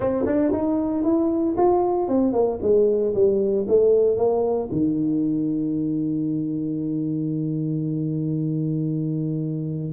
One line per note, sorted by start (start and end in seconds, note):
0.00 0.25 C4
0.26 0.52 D4
0.52 1.03 D#4
1.03 1.55 E4
1.57 2.08 F4
2.08 2.32 C4
2.32 2.58 A#3
2.62 3.14 G#3
3.14 3.66 G3
3.68 4.16 A3
4.16 4.69 A#3
4.71 9.92 D#3